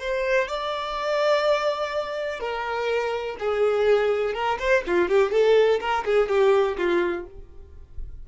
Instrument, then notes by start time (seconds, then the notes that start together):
violin
0.00 C5
0.48 D5
2.40 A#4
3.40 G#4
4.34 A#4
4.59 C5
4.87 F4
5.09 G4
5.32 A4
5.80 A#4
6.05 G#4
6.29 G4
6.78 F4